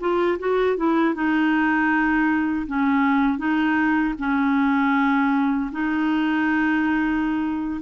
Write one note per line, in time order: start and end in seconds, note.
0.00 0.38 F4
0.39 0.77 F#4
0.77 1.14 E4
1.14 2.66 D#4
2.67 3.38 C#4
3.38 4.14 D#4
4.18 5.70 C#4
5.71 7.80 D#4